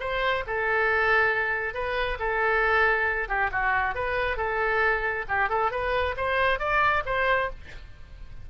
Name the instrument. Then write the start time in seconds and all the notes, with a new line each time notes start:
oboe
0.00 C5
0.47 A4
1.74 B4
2.19 A4
3.28 G4
3.52 F#4
3.95 B4
4.37 A4
5.28 G4
5.49 A4
5.71 B4
6.17 C5
6.59 D5
7.06 C5